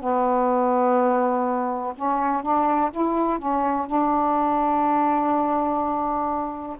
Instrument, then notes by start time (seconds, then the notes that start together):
saxophone
0.00 B3
1.95 C#4
2.42 D4
2.91 E4
3.38 C#4
3.86 D4